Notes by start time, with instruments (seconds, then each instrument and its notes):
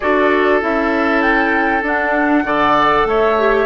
0.00 bassoon D4, clarinet F#4, oboe A4, flute D5
0.60 bassoon C#4, clarinet E4, flute E5
1.21 flute G5
1.82 bassoon D4, clarinet D4, flute F#5
2.44 bassoon D3, clarinet A4, oboe D5
3.05 bassoon A3, oboe C#5, flute E5
3.38 clarinet G4